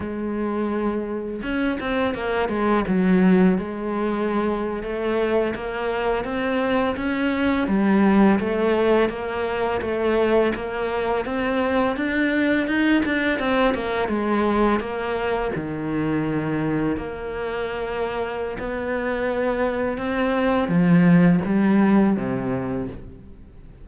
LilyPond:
\new Staff \with { instrumentName = "cello" } { \time 4/4 \tempo 4 = 84 gis2 cis'8 c'8 ais8 gis8 | fis4 gis4.~ gis16 a4 ais16~ | ais8. c'4 cis'4 g4 a16~ | a8. ais4 a4 ais4 c'16~ |
c'8. d'4 dis'8 d'8 c'8 ais8 gis16~ | gis8. ais4 dis2 ais16~ | ais2 b2 | c'4 f4 g4 c4 | }